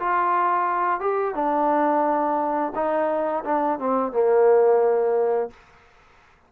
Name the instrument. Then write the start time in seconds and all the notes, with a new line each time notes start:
trombone
0.00 F4
1.01 G4
1.35 D4
2.75 D#4
3.45 D4
3.80 C4
4.13 A#3